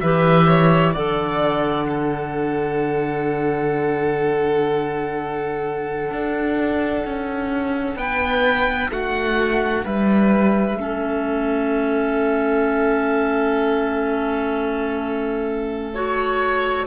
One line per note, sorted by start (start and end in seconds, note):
0.00 0.95 E3
0.00 0.95 G4
0.00 0.47 B4
0.00 0.94 E5
0.47 0.93 C#5
0.93 6.11 D3
0.93 1.86 A4
0.93 1.87 D5
0.93 7.97 F#5
1.86 10.77 D4
1.86 7.97 A4
6.11 7.04 D4
7.06 7.96 C#4
7.96 8.90 B3
7.96 8.91 B4
7.96 8.90 G5
8.90 9.84 A3
8.90 9.84 F#4
8.90 9.85 F#5
9.84 10.76 G3
9.84 10.78 B4
9.84 15.94 E5
10.76 16.85 A3
10.76 15.93 C#4
10.76 16.87 A4
15.94 16.87 F#4
15.94 16.87 C#5